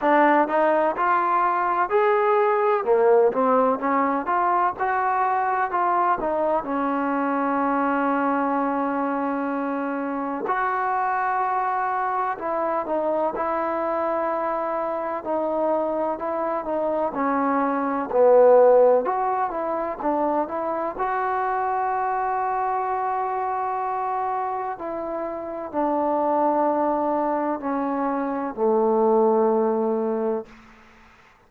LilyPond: \new Staff \with { instrumentName = "trombone" } { \time 4/4 \tempo 4 = 63 d'8 dis'8 f'4 gis'4 ais8 c'8 | cis'8 f'8 fis'4 f'8 dis'8 cis'4~ | cis'2. fis'4~ | fis'4 e'8 dis'8 e'2 |
dis'4 e'8 dis'8 cis'4 b4 | fis'8 e'8 d'8 e'8 fis'2~ | fis'2 e'4 d'4~ | d'4 cis'4 a2 | }